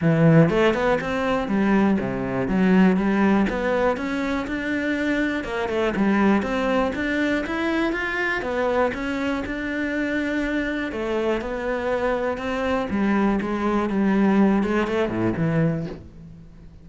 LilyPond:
\new Staff \with { instrumentName = "cello" } { \time 4/4 \tempo 4 = 121 e4 a8 b8 c'4 g4 | c4 fis4 g4 b4 | cis'4 d'2 ais8 a8 | g4 c'4 d'4 e'4 |
f'4 b4 cis'4 d'4~ | d'2 a4 b4~ | b4 c'4 g4 gis4 | g4. gis8 a8 a,8 e4 | }